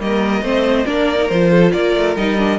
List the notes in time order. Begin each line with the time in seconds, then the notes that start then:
0.00 G3 A#3 A#4 D#5
0.42 A3 C4 C5
0.86 A#3 D4 A#4 D5
1.17 D#4
1.29 F3 F4 C5
1.51 A4
1.72 A#3 A#4 D5
1.96 A3
2.16 G3 D#4 D#5
2.38 D4